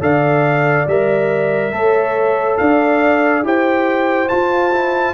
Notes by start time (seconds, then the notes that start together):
0.00 D3 A4 D5 F5
0.87 G3 A#4 E5
1.71 A3 A4 C#5
2.57 D4 D5 F5
3.43 E4 G4 C5 G5
4.28 F4 A5
4.73 E4